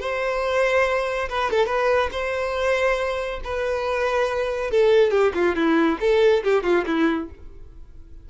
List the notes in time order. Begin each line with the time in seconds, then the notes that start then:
0.00 C5
1.29 B4
1.51 A4
1.66 B4
2.11 C5
3.44 B4
4.71 A4
5.11 G4
5.34 F4
5.55 E4
6.00 A4
6.43 G4
6.63 F4
6.86 E4